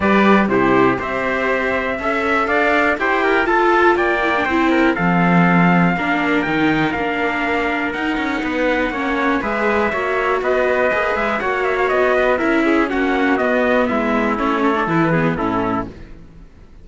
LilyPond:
<<
  \new Staff \with { instrumentName = "trumpet" } { \time 4/4 \tempo 4 = 121 d''4 c''4 e''2~ | e''4 f''4 g''4 a''4 | g''2 f''2~ | f''4 g''4 f''2 |
fis''2. e''4~ | e''4 dis''4. e''8 fis''8 e''16 f''16 | dis''4 e''4 fis''4 dis''4 | e''4 cis''4 b'4 a'4 | }
  \new Staff \with { instrumentName = "trumpet" } { \time 4/4 b'4 g'4 c''2 | e''4 d''4 c''8 ais'8 a'4 | d''4 c''8 ais'8 a'2 | ais'1~ |
ais'4 b'4 cis''4 b'4 | cis''4 b'2 cis''4~ | cis''8 b'8 ais'8 gis'8 fis'2 | e'4. a'4 gis'8 e'4 | }
  \new Staff \with { instrumentName = "viola" } { \time 4/4 g'4 e'4 g'2 | a'2 g'4 f'4~ | f'8 e'16 d'16 e'4 c'2 | d'4 dis'4 d'2 |
dis'2 cis'4 gis'4 | fis'2 gis'4 fis'4~ | fis'4 e'4 cis'4 b4~ | b4 cis'8. d'16 e'8 b8 cis'4 | }
  \new Staff \with { instrumentName = "cello" } { \time 4/4 g4 c4 c'2 | cis'4 d'4 e'4 f'4 | ais4 c'4 f2 | ais4 dis4 ais2 |
dis'8 cis'8 b4 ais4 gis4 | ais4 b4 ais8 gis8 ais4 | b4 cis'4 ais4 b4 | gis4 a4 e4 a,4 | }
>>